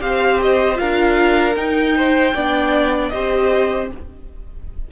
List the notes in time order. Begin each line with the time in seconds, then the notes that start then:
0.00 C4 G4 C5 F5
0.41 D#5
0.74 F4 A#4 F5
0.81 D4
1.55 D#4 G5
1.96 C5
2.34 B3 D4 D5
3.09 C4 G4 C5 D#5